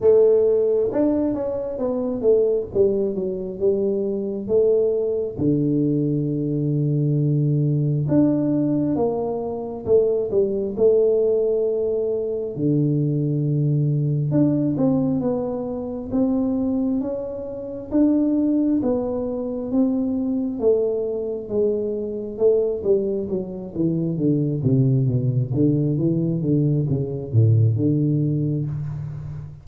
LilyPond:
\new Staff \with { instrumentName = "tuba" } { \time 4/4 \tempo 4 = 67 a4 d'8 cis'8 b8 a8 g8 fis8 | g4 a4 d2~ | d4 d'4 ais4 a8 g8 | a2 d2 |
d'8 c'8 b4 c'4 cis'4 | d'4 b4 c'4 a4 | gis4 a8 g8 fis8 e8 d8 c8 | b,8 d8 e8 d8 cis8 a,8 d4 | }